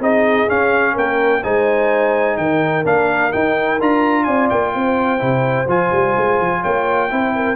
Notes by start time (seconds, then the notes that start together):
0.00 C4 D#4 G#4 D#5
0.48 C#4 F5
0.93 A#3 A#4 G5
1.43 G#3 D#4 C5 G#5
2.37 D#3 A#4 G5
2.84 A#3 D4 F5
3.31 D#4 G5
3.80 D4 F4 A#5
4.24 C4 D5 G#5
4.50 A#3 G5
4.75 C4 C5
5.19 C3 E4
5.68 F3 F4 G#5
5.92 G3
6.16 G#3
6.40 F3
6.62 A#3 C#5 G5
7.10 C4 E4 C5
7.35 A#4